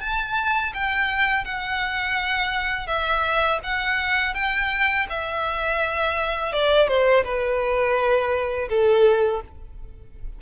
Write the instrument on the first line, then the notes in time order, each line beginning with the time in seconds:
violin
0.00 A5
0.73 G5
1.44 F#5
2.87 E5
3.63 F#5
4.34 G5
5.09 E5
6.52 D5
6.87 C5
7.24 B4
8.69 A4